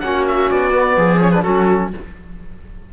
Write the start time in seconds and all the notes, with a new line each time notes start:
0.00 A#3 C#4 F#4 F#5
0.28 E5
0.50 B3 D5
0.72 B3
0.96 F3 G#4
1.21 C#4 C#5
1.32 D4 B4
1.43 F#3 C#4 F#4 A4